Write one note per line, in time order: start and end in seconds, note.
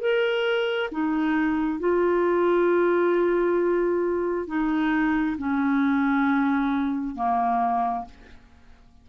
0.00 0.90 A#4
0.91 1.79 D#4
1.79 4.47 F4
4.47 5.36 D#4
5.38 7.15 C#4
7.15 8.04 A#3